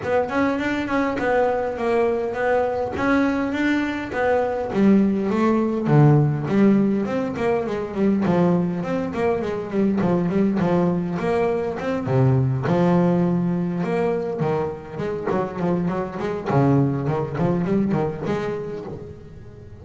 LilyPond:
\new Staff \with { instrumentName = "double bass" } { \time 4/4 \tempo 4 = 102 b8 cis'8 d'8 cis'8 b4 ais4 | b4 cis'4 d'4 b4 | g4 a4 d4 g4 | c'8 ais8 gis8 g8 f4 c'8 ais8 |
gis8 g8 f8 g8 f4 ais4 | c'8 c4 f2 ais8~ | ais8 dis4 gis8 fis8 f8 fis8 gis8 | cis4 dis8 f8 g8 dis8 gis4 | }